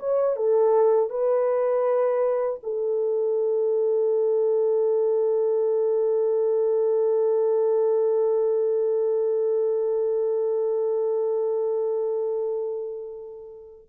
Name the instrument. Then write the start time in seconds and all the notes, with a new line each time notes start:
horn
0.00 C#5
0.36 A4
1.10 B4
2.63 A4